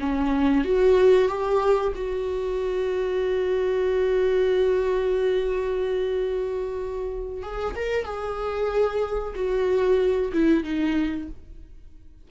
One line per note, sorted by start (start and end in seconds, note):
0.00 0.64 C#4
0.64 1.28 F#4
1.28 1.93 G4
1.95 7.42 F#4
7.42 7.74 G#4
7.76 8.05 A#4
8.05 9.34 G#4
9.35 10.32 F#4
10.33 10.64 E4
10.64 11.28 D#4